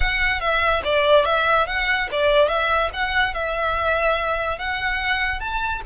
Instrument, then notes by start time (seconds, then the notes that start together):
violin
0.00 F#5
0.40 E5
0.84 D5
1.25 E5
1.67 F#5
2.11 D5
2.48 E5
2.93 F#5
3.34 E5
4.58 F#5
5.40 A5